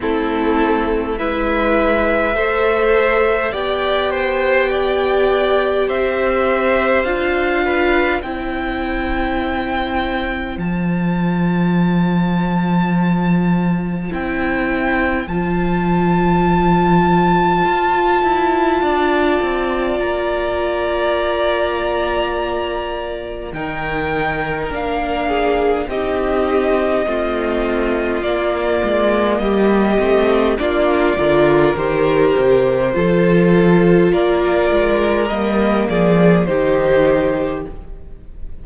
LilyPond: <<
  \new Staff \with { instrumentName = "violin" } { \time 4/4 \tempo 4 = 51 a'4 e''2 g''4~ | g''4 e''4 f''4 g''4~ | g''4 a''2. | g''4 a''2.~ |
a''4 ais''2. | g''4 f''4 dis''2 | d''4 dis''4 d''4 c''4~ | c''4 d''4 dis''8 d''8 c''4 | }
  \new Staff \with { instrumentName = "violin" } { \time 4/4 e'4 b'4 c''4 d''8 c''8 | d''4 c''4. b'8 c''4~ | c''1~ | c''1 |
d''1 | ais'4. gis'8 g'4 f'4~ | f'4 g'4 f'8 ais'4. | a'4 ais'4. gis'8 g'4 | }
  \new Staff \with { instrumentName = "viola" } { \time 4/4 c'4 e'4 a'4 g'4~ | g'2 f'4 e'4~ | e'4 f'2. | e'4 f'2.~ |
f'1 | dis'4 d'4 dis'4 c'4 | ais4. c'8 d'8 f'8 g'4 | f'2 ais4 dis'4 | }
  \new Staff \with { instrumentName = "cello" } { \time 4/4 a4 gis4 a4 b4~ | b4 c'4 d'4 c'4~ | c'4 f2. | c'4 f2 f'8 e'8 |
d'8 c'8 ais2. | dis4 ais4 c'4 a4 | ais8 gis8 g8 a8 ais8 d8 dis8 c8 | f4 ais8 gis8 g8 f8 dis4 | }
>>